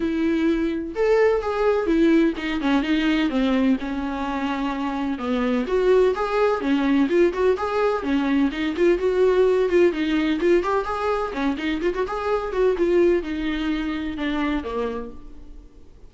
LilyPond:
\new Staff \with { instrumentName = "viola" } { \time 4/4 \tempo 4 = 127 e'2 a'4 gis'4 | e'4 dis'8 cis'8 dis'4 c'4 | cis'2. b4 | fis'4 gis'4 cis'4 f'8 fis'8 |
gis'4 cis'4 dis'8 f'8 fis'4~ | fis'8 f'8 dis'4 f'8 g'8 gis'4 | cis'8 dis'8 f'16 fis'16 gis'4 fis'8 f'4 | dis'2 d'4 ais4 | }